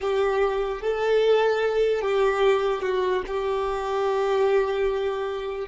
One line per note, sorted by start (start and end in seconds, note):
0.00 0.81 G4
0.81 2.01 A4
2.01 2.82 G4
2.82 3.22 F#4
3.27 5.67 G4